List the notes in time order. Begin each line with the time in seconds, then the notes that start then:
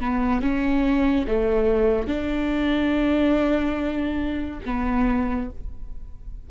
0.00 B3
0.42 C#4
1.28 A3
2.07 D4
4.66 B3